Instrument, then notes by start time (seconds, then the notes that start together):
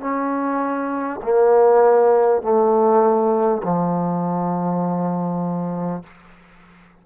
trombone
0.00 C#4
1.22 A#3
2.42 A3
3.63 F3